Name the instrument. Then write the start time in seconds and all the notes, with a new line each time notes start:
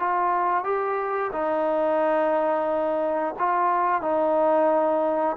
trombone
0.00 F4
0.64 G4
1.33 D#4
3.39 F4
4.02 D#4